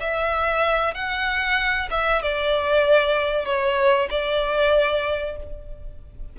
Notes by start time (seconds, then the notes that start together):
0.00 E5
0.94 F#5
1.91 E5
2.22 D5
3.46 C#5
4.10 D5